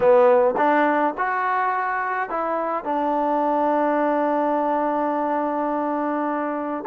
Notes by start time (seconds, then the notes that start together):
0.00 B3
0.57 D4
1.17 F#4
2.29 E4
2.84 D4